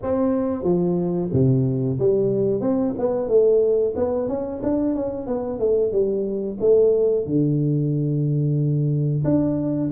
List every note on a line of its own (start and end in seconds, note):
0.02 0.63 C4
0.63 1.29 F3
1.32 1.98 C3
1.99 2.60 G3
2.60 2.93 C4
2.98 3.28 B3
3.28 3.94 A3
3.96 4.28 B3
4.28 4.61 C#4
4.62 4.95 D4
4.95 5.27 C#4
5.27 5.59 B3
5.59 5.92 A3
5.92 6.58 G3
6.60 7.26 A3
7.26 9.23 D3
9.24 9.90 D4